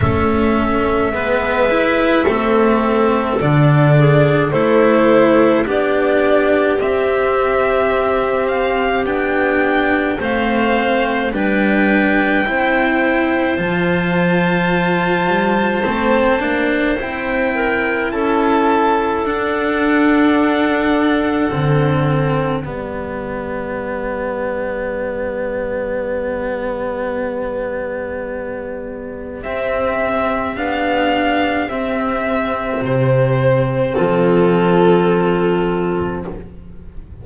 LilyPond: <<
  \new Staff \with { instrumentName = "violin" } { \time 4/4 \tempo 4 = 53 e''2. d''4 | c''4 d''4 e''4. f''8 | g''4 f''4 g''2 | a''2. g''4 |
a''4 fis''2. | d''1~ | d''2 e''4 f''4 | e''4 c''4 a'2 | }
  \new Staff \with { instrumentName = "clarinet" } { \time 4/4 a'4 b'4 a'4. gis'8 | a'4 g'2.~ | g'4 c''4 b'4 c''4~ | c''2.~ c''8 ais'8 |
a'1 | g'1~ | g'1~ | g'2 f'2 | }
  \new Staff \with { instrumentName = "cello" } { \time 4/4 cis'4 b8 e'8 c'4 d'4 | e'4 d'4 c'2 | d'4 c'4 d'4 e'4 | f'2 c'8 d'8 e'4~ |
e'4 d'2 c'4 | b1~ | b2 c'4 d'4 | c'1 | }
  \new Staff \with { instrumentName = "double bass" } { \time 4/4 a4 gis4 a4 d4 | a4 b4 c'2 | b4 a4 g4 c'4 | f4. g8 a8 ais8 c'4 |
cis'4 d'2 d4 | g1~ | g2 c'4 b4 | c'4 c4 f2 | }
>>